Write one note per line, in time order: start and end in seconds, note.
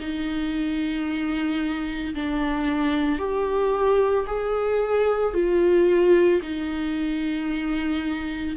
0.00 2.14 D#4
2.15 3.19 D4
3.19 4.26 G4
4.27 5.33 G#4
5.33 6.40 F4
6.42 8.56 D#4